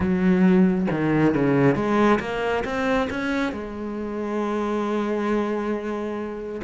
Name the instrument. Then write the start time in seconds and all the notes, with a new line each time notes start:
cello
0.00 F#3
0.90 D#3
1.34 C#3
1.75 G#3
2.19 A#3
2.64 C4
3.10 C#4
3.52 G#3